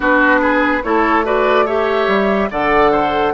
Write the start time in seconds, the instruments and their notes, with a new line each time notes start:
0.00 bassoon B3, clarinet D4, oboe F#4, flute B4
0.41 oboe G#4
0.83 bassoon A3, clarinet E4, oboe A4, flute C#5
1.24 clarinet F#4, oboe B4, flute D5
1.65 clarinet G4, oboe C#5, flute E5
2.07 bassoon G3
2.50 bassoon D3, clarinet A4, oboe D5, flute F#5
2.91 oboe C5